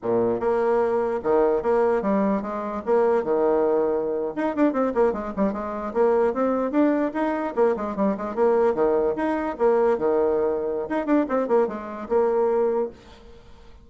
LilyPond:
\new Staff \with { instrumentName = "bassoon" } { \time 4/4 \tempo 4 = 149 ais,4 ais2 dis4 | ais4 g4 gis4 ais4 | dis2~ dis8. dis'8 d'8 c'16~ | c'16 ais8 gis8 g8 gis4 ais4 c'16~ |
c'8. d'4 dis'4 ais8 gis8 g16~ | g16 gis8 ais4 dis4 dis'4 ais16~ | ais8. dis2~ dis16 dis'8 d'8 | c'8 ais8 gis4 ais2 | }